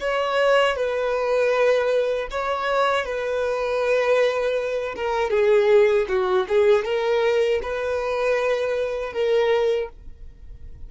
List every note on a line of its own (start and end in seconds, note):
0.00 0.76 C#5
0.76 2.28 B4
2.31 3.06 C#5
3.06 4.95 B4
4.96 5.31 A#4
5.31 6.07 G#4
6.09 6.47 F#4
6.49 6.85 G#4
6.85 7.61 A#4
7.63 9.13 B4
9.13 9.89 A#4